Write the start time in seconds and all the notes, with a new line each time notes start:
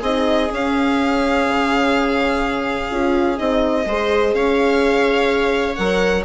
0.00 C4 D#4 G#4 D#5
0.49 C#4 F5
1.48 C#3
2.91 C#4 F4
3.37 C4 D#4 D#5
3.86 G#3 G#4 C5
4.34 C#4 C#5 F5
5.76 F#3 A#4 F#5